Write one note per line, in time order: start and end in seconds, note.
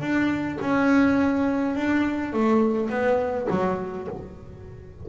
0.00 0.58 D4
0.60 1.75 C#4
1.75 2.32 D4
2.32 2.89 A3
2.89 3.47 B3
3.50 4.07 F#3